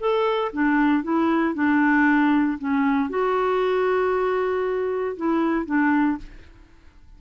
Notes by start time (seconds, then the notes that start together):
0.00 A4
0.53 D4
1.03 E4
1.54 D4
2.58 C#4
3.09 F#4
5.17 E4
5.66 D4